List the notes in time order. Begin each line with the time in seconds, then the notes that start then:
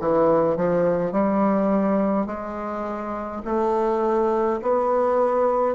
0.00 E3
0.57 F3
1.13 G3
2.27 G#3
3.45 A3
4.63 B3